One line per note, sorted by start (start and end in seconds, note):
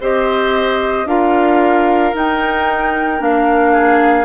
0.00 1.05 C4
0.00 1.06 G4
0.00 1.07 C5
0.00 1.07 D#5
1.05 2.12 D4
1.05 2.13 F4
1.05 3.72 A#4
1.05 2.14 F5
2.13 3.18 D#4
2.13 3.20 D#4
2.13 3.22 G5
3.18 4.25 A#3
3.18 4.25 D4
3.18 4.25 F5
3.72 4.25 G#4